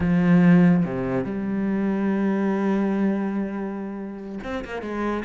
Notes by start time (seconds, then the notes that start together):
0.00 F3
0.84 C3
1.24 G3
4.43 C4
4.64 A#3
4.82 G#3